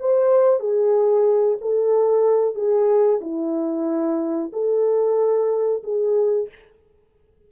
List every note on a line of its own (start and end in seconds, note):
0.00 0.60 C5
0.60 1.58 G#4
1.61 2.56 A4
2.56 3.21 G#4
3.21 4.52 E4
4.53 5.83 A4
5.84 6.49 G#4